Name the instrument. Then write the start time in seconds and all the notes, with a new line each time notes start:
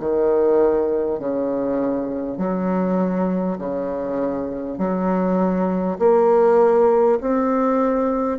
bassoon
0.00 D#3
1.20 C#3
2.38 F#3
3.59 C#3
4.79 F#3
5.99 A#3
7.22 C4